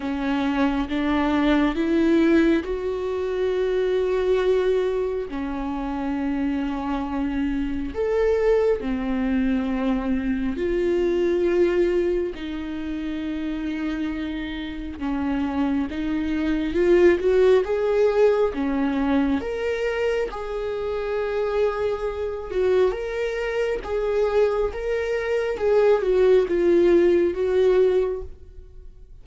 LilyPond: \new Staff \with { instrumentName = "viola" } { \time 4/4 \tempo 4 = 68 cis'4 d'4 e'4 fis'4~ | fis'2 cis'2~ | cis'4 a'4 c'2 | f'2 dis'2~ |
dis'4 cis'4 dis'4 f'8 fis'8 | gis'4 cis'4 ais'4 gis'4~ | gis'4. fis'8 ais'4 gis'4 | ais'4 gis'8 fis'8 f'4 fis'4 | }